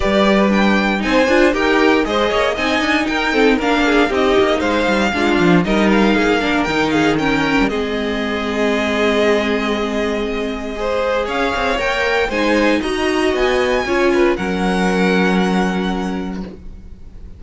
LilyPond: <<
  \new Staff \with { instrumentName = "violin" } { \time 4/4 \tempo 4 = 117 d''4 g''4 gis''4 g''4 | dis''4 gis''4 g''4 f''4 | dis''4 f''2 dis''8 f''8~ | f''4 g''8 f''8 g''4 dis''4~ |
dis''1~ | dis''2 f''4 g''4 | gis''4 ais''4 gis''2 | fis''1 | }
  \new Staff \with { instrumentName = "violin" } { \time 4/4 b'2 c''4 ais'4 | c''8 cis''8 dis''4 ais'8 a'8 ais'8 gis'8 | g'4 c''4 f'4 ais'4 | gis'8 ais'4 gis'8 ais'4 gis'4~ |
gis'1~ | gis'4 c''4 cis''2 | c''4 dis''2 cis''8 b'8 | ais'1 | }
  \new Staff \with { instrumentName = "viola" } { \time 4/4 g'4 d'4 dis'8 f'8 g'4 | gis'4 dis'4. c'8 d'4 | dis'2 d'4 dis'4~ | dis'8 d'8 dis'4 cis'4 c'4~ |
c'1~ | c'4 gis'2 ais'4 | dis'4 fis'2 f'4 | cis'1 | }
  \new Staff \with { instrumentName = "cello" } { \time 4/4 g2 c'8 d'8 dis'4 | gis8 ais8 c'8 d'8 dis'4 ais4 | c'8 ais8 gis8 g8 gis8 f8 g4 | ais4 dis4.~ dis16 g16 gis4~ |
gis1~ | gis2 cis'8 c'8 ais4 | gis4 dis'4 b4 cis'4 | fis1 | }
>>